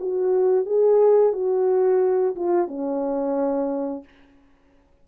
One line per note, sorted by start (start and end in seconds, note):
0.00 0.66 F#4
0.66 1.33 G#4
1.33 2.35 F#4
2.36 2.68 F4
2.68 4.04 C#4